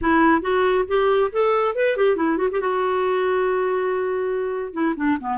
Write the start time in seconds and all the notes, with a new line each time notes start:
0.01 E4
0.41 F#4
0.87 G4
1.32 A4
1.75 B4
1.96 G4
2.16 E4
2.37 F#4
2.51 G4
2.60 F#4
4.73 E4
4.96 D4
5.20 B3